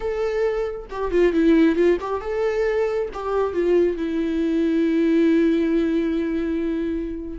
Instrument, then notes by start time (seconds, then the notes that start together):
viola
0.00 A4
0.89 G4
1.11 F4
1.33 E4
1.75 F4
2.00 G4
2.20 A4
3.13 G4
3.53 F4
3.97 E4